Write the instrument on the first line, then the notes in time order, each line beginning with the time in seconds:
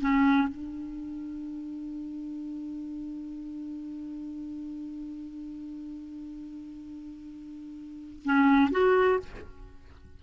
clarinet
0.00 C#4
0.48 D4
8.24 C#4
8.71 F#4